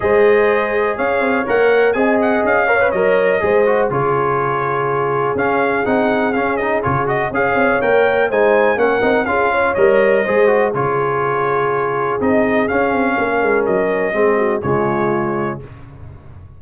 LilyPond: <<
  \new Staff \with { instrumentName = "trumpet" } { \time 4/4 \tempo 4 = 123 dis''2 f''4 fis''4 | gis''8 fis''8 f''4 dis''2 | cis''2. f''4 | fis''4 f''8 dis''8 cis''8 dis''8 f''4 |
g''4 gis''4 fis''4 f''4 | dis''2 cis''2~ | cis''4 dis''4 f''2 | dis''2 cis''2 | }
  \new Staff \with { instrumentName = "horn" } { \time 4/4 c''2 cis''2 | dis''4. cis''4. c''4 | gis'1~ | gis'2. cis''4~ |
cis''4 c''4 ais'4 gis'8 cis''8~ | cis''4 c''4 gis'2~ | gis'2. ais'4~ | ais'4 gis'8 fis'8 f'2 | }
  \new Staff \with { instrumentName = "trombone" } { \time 4/4 gis'2. ais'4 | gis'4. ais'16 b'16 ais'4 gis'8 fis'8 | f'2. cis'4 | dis'4 cis'8 dis'8 f'8 fis'8 gis'4 |
ais'4 dis'4 cis'8 dis'8 f'4 | ais'4 gis'8 fis'8 f'2~ | f'4 dis'4 cis'2~ | cis'4 c'4 gis2 | }
  \new Staff \with { instrumentName = "tuba" } { \time 4/4 gis2 cis'8 c'8 ais4 | c'4 cis'4 fis4 gis4 | cis2. cis'4 | c'4 cis'4 cis4 cis'8 c'8 |
ais4 gis4 ais8 c'8 cis'4 | g4 gis4 cis2~ | cis4 c'4 cis'8 c'8 ais8 gis8 | fis4 gis4 cis2 | }
>>